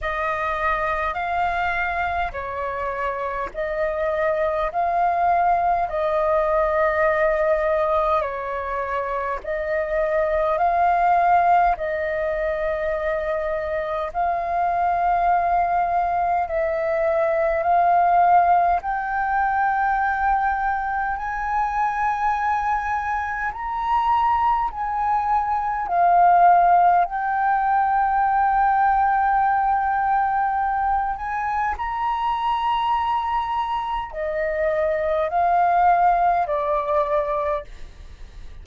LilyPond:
\new Staff \with { instrumentName = "flute" } { \time 4/4 \tempo 4 = 51 dis''4 f''4 cis''4 dis''4 | f''4 dis''2 cis''4 | dis''4 f''4 dis''2 | f''2 e''4 f''4 |
g''2 gis''2 | ais''4 gis''4 f''4 g''4~ | g''2~ g''8 gis''8 ais''4~ | ais''4 dis''4 f''4 d''4 | }